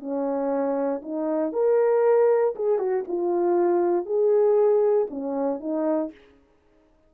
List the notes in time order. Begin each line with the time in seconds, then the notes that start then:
0.00 C#4
1.02 D#4
1.53 A#4
2.56 G#4
2.79 F#4
3.08 F4
4.06 G#4
5.11 C#4
5.61 D#4